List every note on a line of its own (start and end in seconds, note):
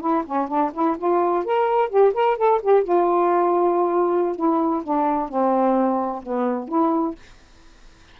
0.00 0.23 E4
0.26 0.48 C#4
0.48 0.71 D4
0.73 0.97 E4
0.98 1.44 F4
1.44 1.89 A#4
1.89 2.13 G4
2.14 2.37 A#4
2.37 2.61 A4
2.62 2.83 G4
2.83 4.36 F4
4.36 4.83 E4
4.83 5.28 D4
5.28 6.22 C4
6.23 6.68 B3
6.68 7.15 E4